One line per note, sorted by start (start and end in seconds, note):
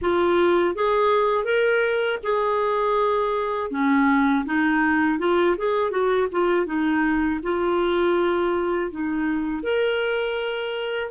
0.01 0.75 F4
0.75 1.44 G#4
1.44 2.18 A#4
2.23 3.70 G#4
3.70 4.44 C#4
4.45 5.19 D#4
5.19 5.56 F4
5.57 5.90 G#4
5.90 6.27 F#4
6.31 6.65 F4
6.65 7.39 D#4
7.42 8.90 F4
8.90 9.63 D#4
9.63 11.10 A#4